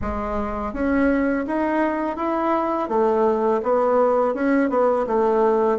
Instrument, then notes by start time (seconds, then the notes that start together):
bassoon
0.01 G#3
0.73 C#4
1.46 D#4
2.16 E4
2.88 A3
3.62 B3
4.34 C#4
4.69 B3
5.06 A3